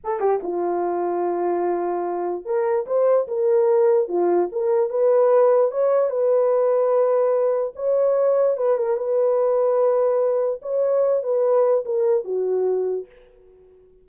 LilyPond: \new Staff \with { instrumentName = "horn" } { \time 4/4 \tempo 4 = 147 a'8 g'8 f'2.~ | f'2 ais'4 c''4 | ais'2 f'4 ais'4 | b'2 cis''4 b'4~ |
b'2. cis''4~ | cis''4 b'8 ais'8 b'2~ | b'2 cis''4. b'8~ | b'4 ais'4 fis'2 | }